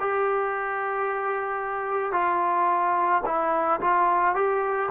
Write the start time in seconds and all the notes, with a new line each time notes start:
0.00 G4
2.13 F4
3.26 E4
3.81 F4
4.35 G4